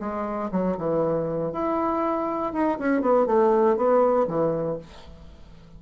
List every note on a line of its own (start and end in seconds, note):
0.00 0.50 G#3
0.51 0.77 F#3
0.77 1.52 E3
1.52 2.53 E4
2.53 2.78 D#4
2.79 3.01 C#4
3.01 3.26 B3
3.26 3.77 A3
3.77 4.27 B3
4.28 4.78 E3